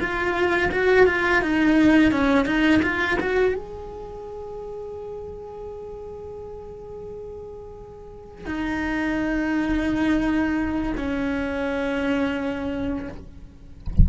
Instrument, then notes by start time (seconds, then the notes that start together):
cello
0.00 F4
0.72 F#4
1.07 F4
1.42 D#4
2.12 C#4
2.46 D#4
2.83 F4
3.20 F#4
3.56 G#4
8.46 D#4
10.97 C#4